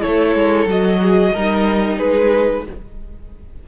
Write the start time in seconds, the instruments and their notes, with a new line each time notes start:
0.00 cello A3, viola E4, violin A4 C#5
0.35 cello G#3
0.66 cello F#3, viola F#4, violin D#5
1.01 violin G#4
1.34 cello G3, viola D#4, violin A#4
1.97 cello G#3, violin G#4 B4